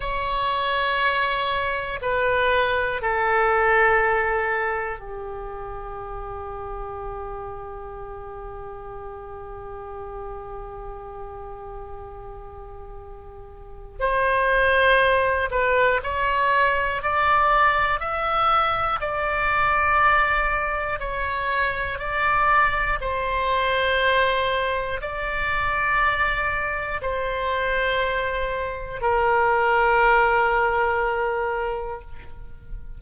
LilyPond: \new Staff \with { instrumentName = "oboe" } { \time 4/4 \tempo 4 = 60 cis''2 b'4 a'4~ | a'4 g'2.~ | g'1~ | g'2 c''4. b'8 |
cis''4 d''4 e''4 d''4~ | d''4 cis''4 d''4 c''4~ | c''4 d''2 c''4~ | c''4 ais'2. | }